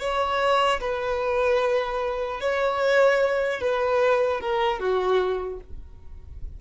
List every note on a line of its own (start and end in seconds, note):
0.00 0.80 C#5
0.80 2.40 B4
2.40 3.60 C#5
3.60 4.40 B4
4.40 4.80 A#4
4.80 5.60 F#4